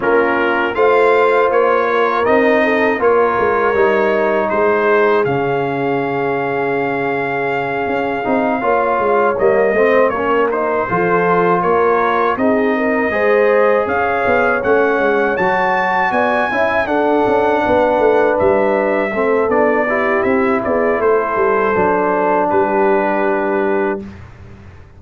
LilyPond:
<<
  \new Staff \with { instrumentName = "trumpet" } { \time 4/4 \tempo 4 = 80 ais'4 f''4 cis''4 dis''4 | cis''2 c''4 f''4~ | f''1~ | f''8 dis''4 cis''8 c''4. cis''8~ |
cis''8 dis''2 f''4 fis''8~ | fis''8 a''4 gis''4 fis''4.~ | fis''8 e''4. d''4 e''8 d''8 | c''2 b'2 | }
  \new Staff \with { instrumentName = "horn" } { \time 4/4 f'4 c''4. ais'4 a'8 | ais'2 gis'2~ | gis'2.~ gis'8 cis''8~ | cis''4 c''8 ais'4 a'4 ais'8~ |
ais'8 gis'8 ais'8 c''4 cis''4.~ | cis''4. d''8 e''8 a'4 b'8~ | b'4. a'4 g'4 gis'8 | a'2 g'2 | }
  \new Staff \with { instrumentName = "trombone" } { \time 4/4 cis'4 f'2 dis'4 | f'4 dis'2 cis'4~ | cis'2. dis'8 f'8~ | f'8 ais8 c'8 cis'8 dis'8 f'4.~ |
f'8 dis'4 gis'2 cis'8~ | cis'8 fis'4. e'8 d'4.~ | d'4. c'8 d'8 e'4.~ | e'4 d'2. | }
  \new Staff \with { instrumentName = "tuba" } { \time 4/4 ais4 a4 ais4 c'4 | ais8 gis8 g4 gis4 cis4~ | cis2~ cis8 cis'8 c'8 ais8 | gis8 g8 a8 ais4 f4 ais8~ |
ais8 c'4 gis4 cis'8 b8 a8 | gis8 fis4 b8 cis'8 d'8 cis'8 b8 | a8 g4 a8 b4 c'8 b8 | a8 g8 fis4 g2 | }
>>